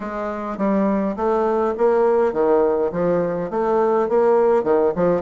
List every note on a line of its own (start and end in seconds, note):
0.00 0.57 G#3
0.57 1.15 G3
1.16 1.74 A3
1.77 2.32 A#3
2.32 2.91 D#3
2.92 3.50 F3
3.50 4.08 A3
4.09 4.63 A#3
4.63 4.92 D#3
4.95 5.21 F3